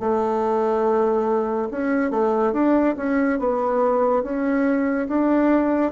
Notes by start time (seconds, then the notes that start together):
0.00 A3
1.71 C#4
2.11 A3
2.53 D4
2.97 C#4
3.39 B3
4.23 C#4
5.08 D4